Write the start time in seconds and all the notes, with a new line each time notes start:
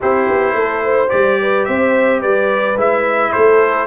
0.00 C4 E4 G4 C5
0.28 B3
0.53 A3 A4
0.84 C5
1.09 G3 G4 D5
1.41 B4
1.65 C4 C5 E5
2.20 G3 B4 D5
2.76 G#3 E4 E5
3.32 A3 A4 C5